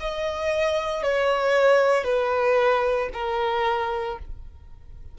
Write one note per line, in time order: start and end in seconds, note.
0.00 1.03 D#5
1.03 2.04 C#5
2.04 3.09 B4
3.13 4.18 A#4